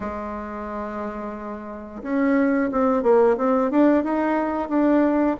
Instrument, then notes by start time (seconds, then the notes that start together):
bassoon
0.00 G#3
2.03 C#4
2.71 C4
3.02 A#3
3.37 C4
3.70 D4
4.03 D#4
4.69 D4